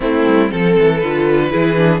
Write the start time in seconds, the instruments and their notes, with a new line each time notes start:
0.00 cello A3, viola A3, violin C4 E4
0.26 cello G3
0.49 cello F3, viola C4, violin A4
0.78 cello E3
0.98 cello D3, viola F4, violin B4
1.50 cello E3, viola E4, violin G#4
1.75 viola D4